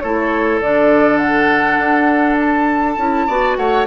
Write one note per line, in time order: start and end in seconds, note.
0.00 0.60 A3
0.00 0.62 E4
0.00 3.27 A4
0.00 0.59 C#5
0.60 1.78 D3
0.60 2.98 D4
0.60 1.18 D5
1.18 2.37 F#5
1.78 2.97 D4
2.40 3.56 A5
2.97 3.27 C#4
2.97 3.28 E4
3.27 3.57 B3
3.27 3.87 F#4
3.27 3.57 D5
3.56 3.87 A3
3.56 3.87 C#5
3.56 3.86 F#5